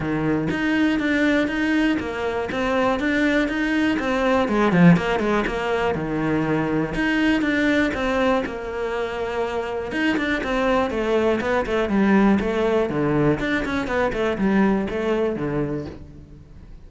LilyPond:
\new Staff \with { instrumentName = "cello" } { \time 4/4 \tempo 4 = 121 dis4 dis'4 d'4 dis'4 | ais4 c'4 d'4 dis'4 | c'4 gis8 f8 ais8 gis8 ais4 | dis2 dis'4 d'4 |
c'4 ais2. | dis'8 d'8 c'4 a4 b8 a8 | g4 a4 d4 d'8 cis'8 | b8 a8 g4 a4 d4 | }